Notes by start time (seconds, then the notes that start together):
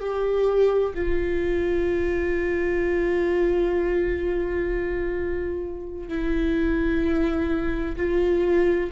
0.00 G4
0.95 F4
6.09 E4
7.96 F4